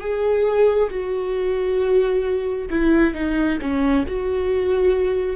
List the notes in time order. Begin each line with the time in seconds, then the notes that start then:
0.00 G#4
0.90 F#4
2.70 E4
3.14 D#4
3.61 C#4
4.06 F#4